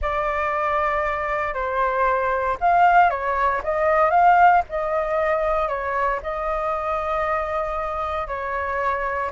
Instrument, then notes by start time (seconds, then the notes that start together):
flute
0.01 D5
1.54 C5
2.60 F5
3.09 C#5
3.63 D#5
4.10 F5
4.69 D#5
5.68 C#5
6.23 D#5
8.27 C#5